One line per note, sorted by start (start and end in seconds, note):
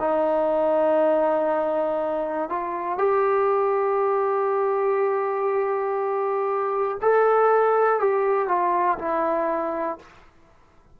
0.00 2.49 D#4
2.49 2.99 F4
2.99 6.99 G4
7.02 8.00 A4
8.00 8.48 G4
8.48 8.98 F4
8.99 9.99 E4